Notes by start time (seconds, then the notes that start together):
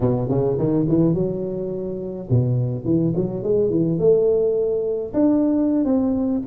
0.00 B2
0.28 C#3
0.58 D#3
0.88 E3
1.14 F#3
2.30 B2
2.84 E3
3.16 F#3
3.43 G#3
3.70 E3
3.98 A3
5.13 D4
5.84 C4